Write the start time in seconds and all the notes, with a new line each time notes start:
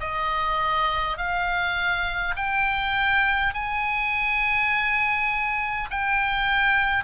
0.00 D#5
1.17 F5
2.36 G5
3.53 G#5
5.90 G5